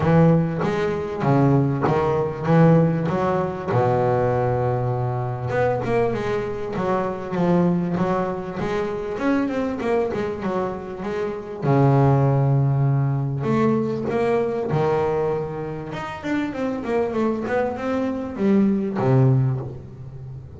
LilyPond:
\new Staff \with { instrumentName = "double bass" } { \time 4/4 \tempo 4 = 98 e4 gis4 cis4 dis4 | e4 fis4 b,2~ | b,4 b8 ais8 gis4 fis4 | f4 fis4 gis4 cis'8 c'8 |
ais8 gis8 fis4 gis4 cis4~ | cis2 a4 ais4 | dis2 dis'8 d'8 c'8 ais8 | a8 b8 c'4 g4 c4 | }